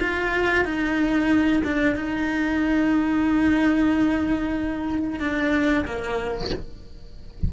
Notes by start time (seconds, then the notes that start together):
0.00 F4
0.65 D#4
1.64 D4
1.96 D#4
5.20 D4
5.85 A#3